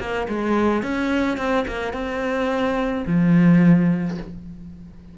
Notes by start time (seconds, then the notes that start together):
0.00 A#3
0.29 G#3
0.83 C#4
1.38 C4
1.68 A#3
1.93 C4
3.07 F3